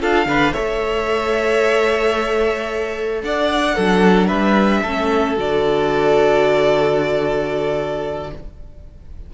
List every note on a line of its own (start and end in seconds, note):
0.00 0.25 D4
0.00 0.27 F4
0.00 0.27 A4
0.00 0.53 F5
0.25 0.52 D3
0.25 0.53 D4
0.25 0.52 B4
0.52 3.22 A3
0.52 3.75 A4
0.52 3.20 C#5
0.52 3.21 E5
3.22 3.76 D4
3.22 3.75 D5
3.22 4.27 F#5
3.75 4.30 F#3
3.75 4.85 D4
3.75 4.27 A4
4.27 4.83 G3
4.27 4.80 B4
4.27 5.35 E5
4.82 5.37 A3
4.82 5.36 C#4
4.82 8.30 A4
5.36 8.32 D3
5.36 8.31 F#4
5.36 8.33 D5